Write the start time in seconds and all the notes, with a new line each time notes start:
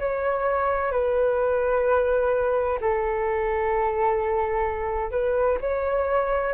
0.00 C#5
0.92 B4
2.81 A4
5.11 B4
5.61 C#5